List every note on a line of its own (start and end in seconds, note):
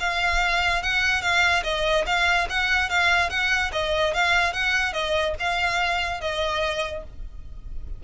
0.00 0.83 F5
0.83 1.22 F#5
1.22 1.63 F5
1.64 2.05 D#5
2.06 2.48 F5
2.49 2.89 F#5
2.89 3.30 F5
3.30 3.71 F#5
3.72 4.14 D#5
4.14 4.53 F5
4.53 4.93 F#5
4.93 5.35 D#5
5.39 6.21 F5
6.21 7.04 D#5